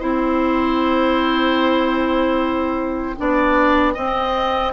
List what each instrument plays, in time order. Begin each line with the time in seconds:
0.00 bassoon C4, clarinet E4, oboe C5, flute G5
3.16 bassoon B3, clarinet D4, oboe D5
3.94 clarinet C4, bassoon C4, oboe D#5